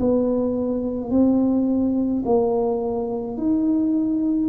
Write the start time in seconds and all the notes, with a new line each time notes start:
0.00 B3
1.11 C4
2.26 A#3
3.38 D#4